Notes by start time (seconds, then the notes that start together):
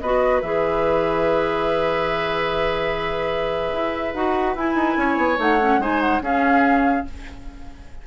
0.00 B3 F#4 B4 D#5
0.42 E3 G#4 E5
3.73 E4
4.14 D#4 F#4 F#5
4.55 E4 G#5
4.75 D#4
4.97 C#4 C#5
5.17 B3
5.37 A3 D#4 F#5
5.61 C#4
5.79 G#3 D#4 C5 G#5
6.01 F#5
6.21 C#4 G#4 F5